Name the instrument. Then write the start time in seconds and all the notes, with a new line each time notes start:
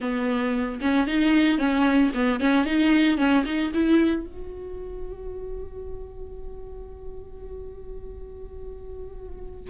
viola
0.00 B3
0.81 C#4
1.07 D#4
1.58 C#4
2.14 B3
2.39 C#4
2.65 D#4
3.17 C#4
3.45 D#4
3.73 E4
4.26 F#4